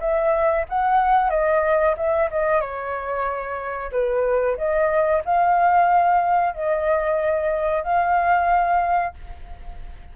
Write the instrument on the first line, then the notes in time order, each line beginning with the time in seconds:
flute
0.00 E5
0.69 F#5
1.30 D#5
1.97 E5
2.31 D#5
2.60 C#5
3.92 B4
4.57 D#5
5.25 F5
6.54 D#5
7.83 F5